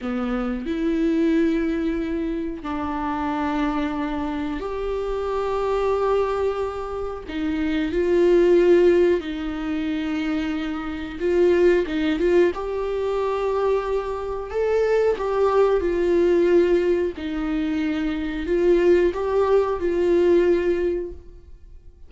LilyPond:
\new Staff \with { instrumentName = "viola" } { \time 4/4 \tempo 4 = 91 b4 e'2. | d'2. g'4~ | g'2. dis'4 | f'2 dis'2~ |
dis'4 f'4 dis'8 f'8 g'4~ | g'2 a'4 g'4 | f'2 dis'2 | f'4 g'4 f'2 | }